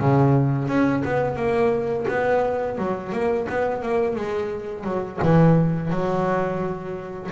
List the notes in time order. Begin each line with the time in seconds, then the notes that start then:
0.00 C#3
0.68 C#4
1.05 B3
1.36 A#3
2.08 B3
2.78 F#3
3.12 A#3
3.49 B3
3.82 A#3
4.15 G#3
4.84 F#3
5.22 E3
5.90 F#3